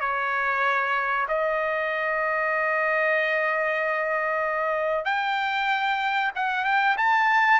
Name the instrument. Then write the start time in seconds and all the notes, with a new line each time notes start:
trumpet
0.00 C#5
1.28 D#5
5.05 G5
6.35 F#5
6.64 G5
6.97 A5